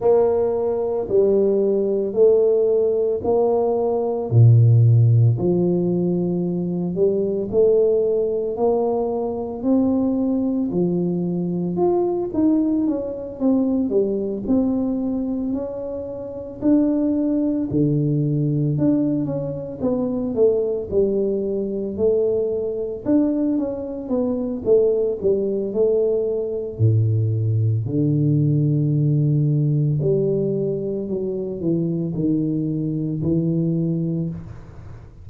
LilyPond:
\new Staff \with { instrumentName = "tuba" } { \time 4/4 \tempo 4 = 56 ais4 g4 a4 ais4 | ais,4 f4. g8 a4 | ais4 c'4 f4 f'8 dis'8 | cis'8 c'8 g8 c'4 cis'4 d'8~ |
d'8 d4 d'8 cis'8 b8 a8 g8~ | g8 a4 d'8 cis'8 b8 a8 g8 | a4 a,4 d2 | g4 fis8 e8 dis4 e4 | }